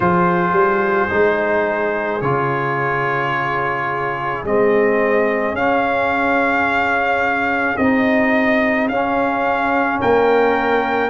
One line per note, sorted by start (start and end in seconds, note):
0.00 0.52 F3
0.00 1.09 F4
0.00 10.00 G#4
0.00 2.21 C5
0.52 1.08 G3
1.09 2.21 G#3
1.09 2.20 D#4
2.21 4.43 C#3
2.21 4.45 F4
2.21 4.44 C#5
4.43 5.53 G#3
4.43 5.56 C4
4.43 5.55 D#5
5.53 7.75 C#4
5.53 7.78 C#4
5.53 7.76 F5
7.76 8.89 C4
7.76 8.90 D#4
7.76 8.87 D#5
8.88 10.00 C#4
8.88 11.10 C#4
8.88 9.99 F5
10.00 11.10 A#3
10.00 11.10 A#4
10.00 11.10 G5